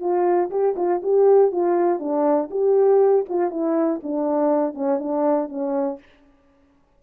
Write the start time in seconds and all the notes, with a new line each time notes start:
0.00 F4
0.50 G4
0.77 F4
1.03 G4
1.52 F4
2.00 D4
2.51 G4
3.29 F4
3.51 E4
4.03 D4
4.75 C#4
4.99 D4
5.49 C#4